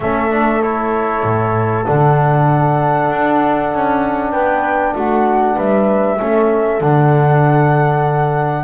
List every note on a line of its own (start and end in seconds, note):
0.00 1.23 A3
0.00 0.30 C#4
0.00 4.31 A4
0.00 0.62 E5
0.30 0.61 D4
0.62 1.85 E4
0.62 1.85 C#5
1.23 1.85 A2
1.85 3.10 D3
1.85 6.18 D4
1.85 4.31 F#5
3.10 3.72 D4
3.73 4.32 C#4
4.31 4.94 B3
4.31 4.93 B4
4.31 4.93 G5
4.95 5.57 A3
4.95 5.55 F#4
4.95 5.58 F#5
5.55 6.19 G3
5.55 6.17 B4
5.55 6.81 E5
6.19 6.81 A3
6.19 6.81 C#4
6.19 8.64 A4
6.81 8.64 D3
6.81 8.64 D4
6.81 8.64 F#5